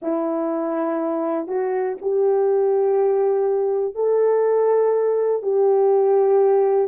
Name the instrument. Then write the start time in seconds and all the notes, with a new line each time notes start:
horn
0.02 E4
1.47 F#4
2.01 G4
3.94 A4
5.42 G4